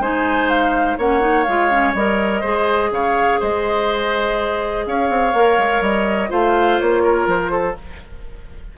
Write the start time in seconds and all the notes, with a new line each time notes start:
0.00 G#3 D#4 C5 G#5
0.50 F5
0.98 A#3 C#4 C#5 F#5
1.21 D#4
1.44 G#3 F4 F5
1.71 C#4
1.94 G3 A#4 D#5
2.41 G#3 G#4 C5
2.91 C#3 C#5 F5
3.41 G#3 C5 D#5
4.87 C#4 C#5 F5
5.10 C4
5.34 A#3 A#4
5.59 G#3
5.81 G3 D#5
6.30 A3 F4 C5 F5
6.80 A#3 C#5
7.04 A#4
7.27 F3 C5
7.52 A4